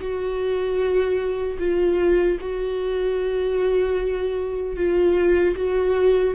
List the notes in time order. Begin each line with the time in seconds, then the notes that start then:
0.00 F#4
1.59 F4
2.40 F#4
4.76 F4
5.56 F#4